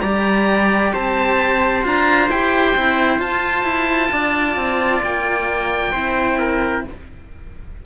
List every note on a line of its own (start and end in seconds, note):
0.00 0.92 G3
0.00 1.83 G4
0.00 0.93 D5
0.00 0.91 A#5
0.93 1.85 C4
0.93 4.11 C5
0.93 1.84 A5
1.83 2.28 D4
1.83 2.29 F4
1.83 2.30 A#5
2.28 2.74 E4
2.28 2.76 G4
2.28 3.20 G5
2.76 3.19 C4
2.76 3.19 E4
3.19 5.91 F4
3.19 3.63 F4
3.19 5.02 A5
3.63 4.09 E4
4.12 4.56 D4
4.12 5.92 D5
4.56 5.01 C4
5.02 5.93 A#3
5.02 6.85 G5
5.92 6.84 C4
5.92 6.84 E4
5.92 6.37 C5
6.39 6.84 A#4